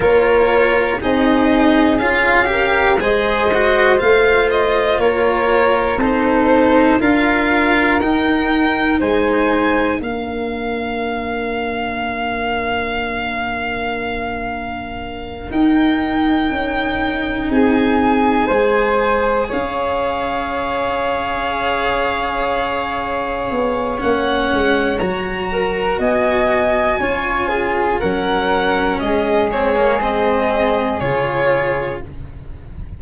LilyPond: <<
  \new Staff \with { instrumentName = "violin" } { \time 4/4 \tempo 4 = 60 cis''4 dis''4 f''4 dis''4 | f''8 dis''8 cis''4 c''4 f''4 | g''4 gis''4 f''2~ | f''2.~ f''8 g''8~ |
g''4. gis''2 f''8~ | f''1 | fis''4 ais''4 gis''2 | fis''4 dis''8 cis''8 dis''4 cis''4 | }
  \new Staff \with { instrumentName = "flute" } { \time 4/4 ais'4 gis'4. ais'8 c''4~ | c''4 ais'4 a'4 ais'4~ | ais'4 c''4 ais'2~ | ais'1~ |
ais'4. gis'4 c''4 cis''8~ | cis''1~ | cis''4. ais'8 dis''4 cis''8 gis'8 | ais'4 gis'2. | }
  \new Staff \with { instrumentName = "cello" } { \time 4/4 f'4 dis'4 f'8 g'8 gis'8 fis'8 | f'2 dis'4 f'4 | dis'2 d'2~ | d'2.~ d'8 dis'8~ |
dis'2~ dis'8 gis'4.~ | gis'1 | cis'4 fis'2 f'4 | cis'4. c'16 ais16 c'4 f'4 | }
  \new Staff \with { instrumentName = "tuba" } { \time 4/4 ais4 c'4 cis'4 gis4 | a4 ais4 c'4 d'4 | dis'4 gis4 ais2~ | ais2.~ ais8 dis'8~ |
dis'8 cis'4 c'4 gis4 cis'8~ | cis'2.~ cis'8 b8 | ais8 gis8 fis4 b4 cis'4 | fis4 gis2 cis4 | }
>>